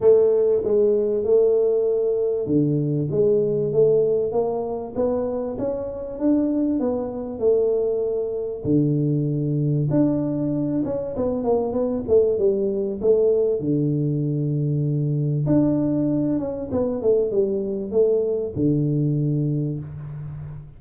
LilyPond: \new Staff \with { instrumentName = "tuba" } { \time 4/4 \tempo 4 = 97 a4 gis4 a2 | d4 gis4 a4 ais4 | b4 cis'4 d'4 b4 | a2 d2 |
d'4. cis'8 b8 ais8 b8 a8 | g4 a4 d2~ | d4 d'4. cis'8 b8 a8 | g4 a4 d2 | }